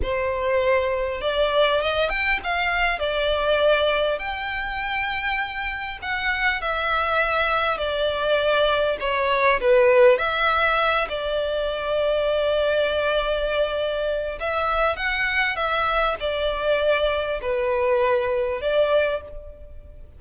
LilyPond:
\new Staff \with { instrumentName = "violin" } { \time 4/4 \tempo 4 = 100 c''2 d''4 dis''8 g''8 | f''4 d''2 g''4~ | g''2 fis''4 e''4~ | e''4 d''2 cis''4 |
b'4 e''4. d''4.~ | d''1 | e''4 fis''4 e''4 d''4~ | d''4 b'2 d''4 | }